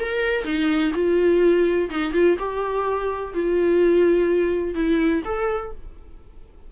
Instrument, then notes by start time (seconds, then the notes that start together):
viola
0.00 A#4
0.45 D#4
0.94 F4
1.90 D#4
2.13 F4
2.39 G4
3.34 F4
4.75 E4
5.25 A4